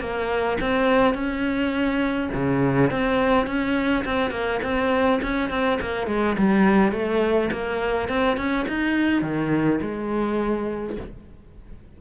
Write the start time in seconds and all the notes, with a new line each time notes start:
0.00 A#3
0.61 C4
1.14 C#4
2.34 C#3
2.91 C4
3.47 C#4
4.05 C4
4.31 A#3
4.63 C4
5.22 C#4
5.50 C4
5.81 A#3
6.07 G#3
6.38 G3
6.92 A3
7.52 A#3
8.08 C4
8.37 C#4
8.68 D#4
9.22 D#3
9.81 G#3